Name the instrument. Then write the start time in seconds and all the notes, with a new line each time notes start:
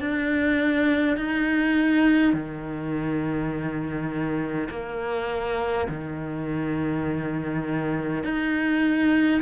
cello
0.00 D4
1.17 D#4
2.34 D#3
4.71 A#3
5.89 D#3
8.24 D#4